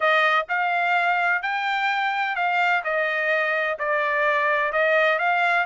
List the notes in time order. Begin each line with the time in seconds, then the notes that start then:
0.00 D#5
0.49 F5
1.42 G5
2.35 F5
2.83 D#5
3.78 D5
4.72 D#5
5.18 F5